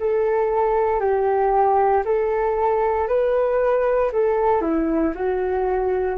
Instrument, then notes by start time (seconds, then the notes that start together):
flute
0.00 A4
1.00 G4
2.05 A4
3.08 B4
4.12 A4
4.61 E4
5.15 F#4